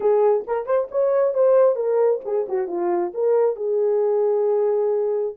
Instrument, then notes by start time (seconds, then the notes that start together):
horn
0.00 G#4
0.47 A#4
0.66 C5
0.91 C#5
1.34 C5
1.75 A#4
2.24 G#4
2.48 F#4
2.67 F4
3.13 A#4
3.56 G#4